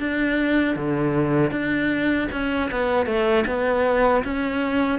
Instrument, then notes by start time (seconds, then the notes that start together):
cello
0.00 D4
0.76 D3
1.52 D4
2.33 C#4
2.71 B3
3.07 A3
3.47 B3
4.25 C#4